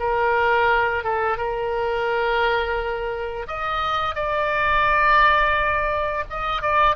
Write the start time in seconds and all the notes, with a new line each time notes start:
0.00 A#4
1.04 A4
1.38 A#4
3.48 D#5
4.15 D5
6.30 D#5
6.62 D5